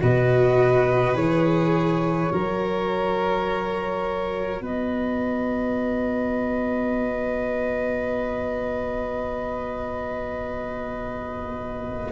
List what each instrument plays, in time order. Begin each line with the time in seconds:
0.00 tuba B2, cello F#4, violin B4, flute D#5
1.15 tuba E3, cello G#4, flute C#5
2.30 tuba F#3, cello F#4, violin A#4
4.61 tuba B3, violin B4, flute D#5